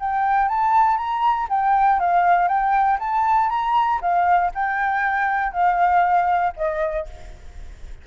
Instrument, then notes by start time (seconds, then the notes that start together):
flute
0.00 G5
0.49 A5
0.98 A#5
1.50 G5
2.00 F5
2.49 G5
3.00 A5
3.50 A#5
4.02 F5
4.55 G5
5.53 F5
6.57 D#5